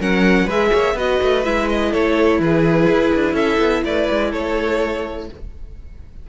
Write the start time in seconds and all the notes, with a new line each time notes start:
0.00 F#3 C#4 A#4 F#5
0.45 G#3 G#4 B4 E5
0.71 A#3 C#5
0.94 B3 F#4 B4 D#5
1.22 A3
1.44 G#3 E4 E5
1.69 D#5
1.91 A3 A4 C#5
2.39 E3 G#4 B4
2.88 E4
3.15 D4
3.34 C#4 A4 E5
3.59 B3
3.85 A3 B4 D5
4.10 G#3
4.31 A3 A4 C#5